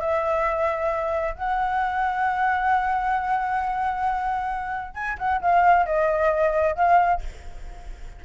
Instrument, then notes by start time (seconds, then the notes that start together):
flute
0.00 E5
1.35 F#5
4.94 G#5
5.18 F#5
5.41 F5
5.86 D#5
6.75 F5